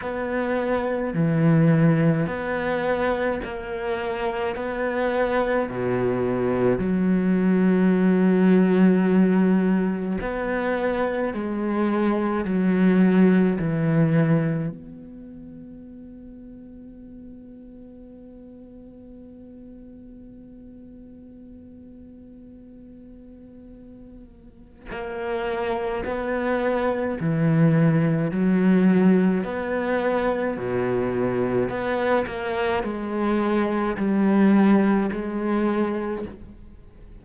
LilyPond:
\new Staff \with { instrumentName = "cello" } { \time 4/4 \tempo 4 = 53 b4 e4 b4 ais4 | b4 b,4 fis2~ | fis4 b4 gis4 fis4 | e4 b2.~ |
b1~ | b2 ais4 b4 | e4 fis4 b4 b,4 | b8 ais8 gis4 g4 gis4 | }